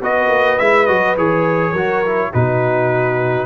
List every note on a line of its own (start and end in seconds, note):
0.00 0.28 B3
0.00 0.59 F#4
0.00 1.71 B4
0.00 0.58 D#5
0.28 0.57 A#3
0.58 0.88 G#3
0.58 0.87 E4
0.58 0.86 E5
0.86 1.16 F#3
0.86 1.16 F#4
0.86 1.15 D#5
1.17 1.72 E3
1.17 1.75 G#4
1.17 2.32 C#5
1.71 2.30 F#3
1.71 2.05 F#4
1.71 2.29 A#4
2.05 2.33 E4
2.33 3.45 B2
2.33 3.45 D#4
2.33 3.45 F#4
2.33 3.45 B4